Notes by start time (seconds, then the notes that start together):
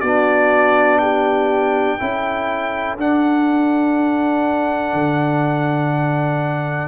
0.00 B3 D4 F#4 D5
0.98 G4 G5
1.98 C#4 E4 A4
2.97 D4 F#5
4.93 D3